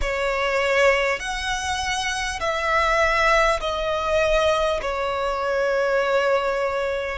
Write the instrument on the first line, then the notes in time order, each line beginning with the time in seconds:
violin
0.01 C#5
1.19 F#5
2.40 E5
3.60 D#5
4.81 C#5